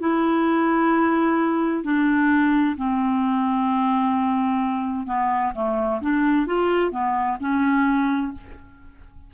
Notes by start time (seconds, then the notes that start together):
0.00 E4
1.84 D4
2.77 C4
5.06 B3
5.55 A3
6.01 D4
6.47 F4
6.91 B3
7.40 C#4